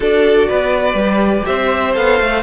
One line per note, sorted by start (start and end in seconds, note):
0.00 0.48 D4
0.00 0.97 F#4
0.00 0.48 A4
0.00 1.45 D5
0.48 0.93 B3
0.48 1.45 B4
0.93 1.42 G3
0.93 1.93 G4
1.45 1.96 C4
1.45 2.43 C5
1.45 1.94 E5
1.93 2.20 B3
1.93 2.42 A4
1.93 2.43 F5
2.20 2.43 A3